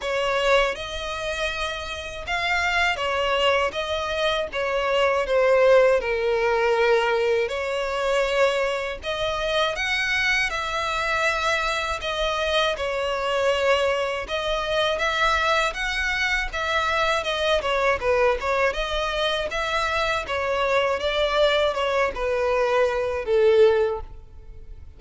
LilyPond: \new Staff \with { instrumentName = "violin" } { \time 4/4 \tempo 4 = 80 cis''4 dis''2 f''4 | cis''4 dis''4 cis''4 c''4 | ais'2 cis''2 | dis''4 fis''4 e''2 |
dis''4 cis''2 dis''4 | e''4 fis''4 e''4 dis''8 cis''8 | b'8 cis''8 dis''4 e''4 cis''4 | d''4 cis''8 b'4. a'4 | }